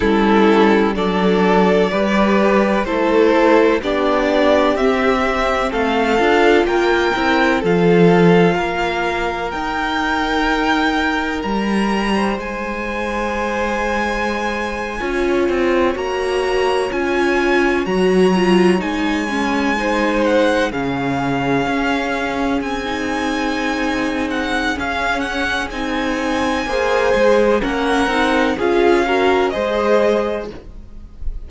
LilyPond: <<
  \new Staff \with { instrumentName = "violin" } { \time 4/4 \tempo 4 = 63 a'4 d''2 c''4 | d''4 e''4 f''4 g''4 | f''2 g''2 | ais''4 gis''2.~ |
gis''8. ais''4 gis''4 ais''4 gis''16~ | gis''4~ gis''16 fis''8 f''2 gis''16~ | gis''4. fis''8 f''8 fis''8 gis''4~ | gis''4 fis''4 f''4 dis''4 | }
  \new Staff \with { instrumentName = "violin" } { \time 4/4 e'4 a'4 b'4 a'4 | g'2 a'4 ais'4 | a'4 ais'2.~ | ais'8. c''2. cis''16~ |
cis''1~ | cis''8. c''4 gis'2~ gis'16~ | gis'1 | c''4 ais'4 gis'8 ais'8 c''4 | }
  \new Staff \with { instrumentName = "viola" } { \time 4/4 cis'4 d'4 g'4 e'4 | d'4 c'4. f'4 e'8 | f'2 dis'2~ | dis'2.~ dis'8. f'16~ |
f'8. fis'4 f'4 fis'8 f'8 dis'16~ | dis'16 cis'8 dis'4 cis'2~ cis'16 | dis'2 cis'4 dis'4 | gis'4 cis'8 dis'8 f'8 fis'8 gis'4 | }
  \new Staff \with { instrumentName = "cello" } { \time 4/4 g4 fis4 g4 a4 | b4 c'4 a8 d'8 ais8 c'8 | f4 ais4 dis'2 | g4 gis2~ gis8. cis'16~ |
cis'16 c'8 ais4 cis'4 fis4 gis16~ | gis4.~ gis16 cis4 cis'4 c'16~ | c'2 cis'4 c'4 | ais8 gis8 ais8 c'8 cis'4 gis4 | }
>>